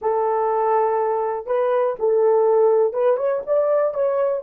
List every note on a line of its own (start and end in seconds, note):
0.01 1.46 A4
1.46 1.95 B4
1.99 2.93 A4
2.93 3.17 B4
3.17 3.41 C#5
3.46 3.94 D5
3.94 4.43 C#5